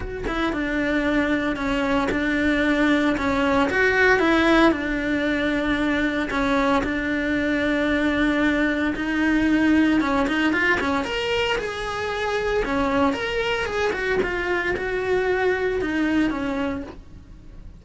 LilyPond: \new Staff \with { instrumentName = "cello" } { \time 4/4 \tempo 4 = 114 fis'8 e'8 d'2 cis'4 | d'2 cis'4 fis'4 | e'4 d'2. | cis'4 d'2.~ |
d'4 dis'2 cis'8 dis'8 | f'8 cis'8 ais'4 gis'2 | cis'4 ais'4 gis'8 fis'8 f'4 | fis'2 dis'4 cis'4 | }